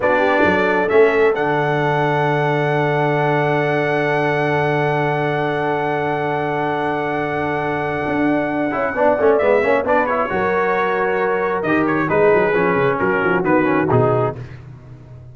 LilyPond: <<
  \new Staff \with { instrumentName = "trumpet" } { \time 4/4 \tempo 4 = 134 d''2 e''4 fis''4~ | fis''1~ | fis''1~ | fis''1~ |
fis''1~ | fis''4 e''4 d''8 cis''4.~ | cis''2 dis''8 cis''8 b'4~ | b'4 ais'4 b'4 gis'4 | }
  \new Staff \with { instrumentName = "horn" } { \time 4/4 fis'8 g'8 a'2.~ | a'1~ | a'1~ | a'1~ |
a'1 | d''4. cis''8 b'4 ais'4~ | ais'2. gis'4~ | gis'4 fis'2. | }
  \new Staff \with { instrumentName = "trombone" } { \time 4/4 d'2 cis'4 d'4~ | d'1~ | d'1~ | d'1~ |
d'2.~ d'8 e'8 | d'8 cis'8 b8 cis'8 d'8 e'8 fis'4~ | fis'2 g'4 dis'4 | cis'2 b8 cis'8 dis'4 | }
  \new Staff \with { instrumentName = "tuba" } { \time 4/4 b4 fis4 a4 d4~ | d1~ | d1~ | d1~ |
d2 d'4. cis'8 | b8 a8 gis8 ais8 b4 fis4~ | fis2 dis4 gis8 fis8 | f8 cis8 fis8 f8 dis4 b,4 | }
>>